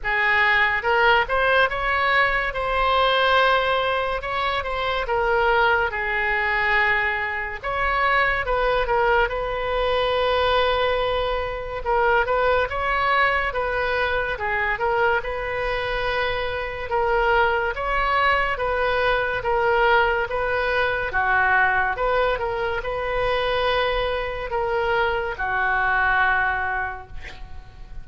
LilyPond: \new Staff \with { instrumentName = "oboe" } { \time 4/4 \tempo 4 = 71 gis'4 ais'8 c''8 cis''4 c''4~ | c''4 cis''8 c''8 ais'4 gis'4~ | gis'4 cis''4 b'8 ais'8 b'4~ | b'2 ais'8 b'8 cis''4 |
b'4 gis'8 ais'8 b'2 | ais'4 cis''4 b'4 ais'4 | b'4 fis'4 b'8 ais'8 b'4~ | b'4 ais'4 fis'2 | }